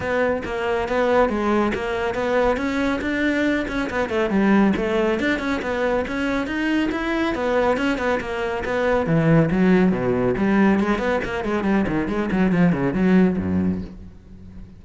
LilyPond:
\new Staff \with { instrumentName = "cello" } { \time 4/4 \tempo 4 = 139 b4 ais4 b4 gis4 | ais4 b4 cis'4 d'4~ | d'8 cis'8 b8 a8 g4 a4 | d'8 cis'8 b4 cis'4 dis'4 |
e'4 b4 cis'8 b8 ais4 | b4 e4 fis4 b,4 | g4 gis8 b8 ais8 gis8 g8 dis8 | gis8 fis8 f8 cis8 fis4 fis,4 | }